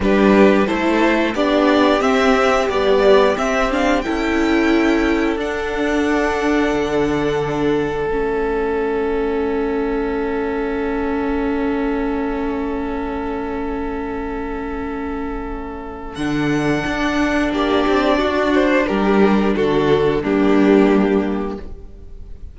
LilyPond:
<<
  \new Staff \with { instrumentName = "violin" } { \time 4/4 \tempo 4 = 89 b'4 c''4 d''4 e''4 | d''4 e''8 f''8 g''2 | fis''1 | e''1~ |
e''1~ | e''1 | fis''2 d''4. c''8 | ais'4 a'4 g'2 | }
  \new Staff \with { instrumentName = "violin" } { \time 4/4 g'4 a'4 g'2~ | g'2 a'2~ | a'1~ | a'1~ |
a'1~ | a'1~ | a'2 g'4 fis'4 | g'4 fis'4 d'2 | }
  \new Staff \with { instrumentName = "viola" } { \time 4/4 d'4 e'4 d'4 c'4 | g4 c'8 d'8 e'2 | d'1 | cis'1~ |
cis'1~ | cis'1 | d'1~ | d'2 ais2 | }
  \new Staff \with { instrumentName = "cello" } { \time 4/4 g4 a4 b4 c'4 | b4 c'4 cis'2 | d'2 d2 | a1~ |
a1~ | a1 | d4 d'4 ais8 c'8 d'4 | g4 d4 g2 | }
>>